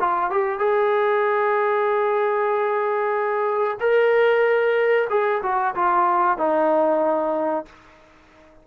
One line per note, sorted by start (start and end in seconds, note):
0.00 0.30 F4
0.30 0.59 G4
0.59 3.78 G#4
3.80 5.08 A#4
5.10 5.42 G#4
5.43 5.74 F#4
5.75 6.38 F4
6.38 7.65 D#4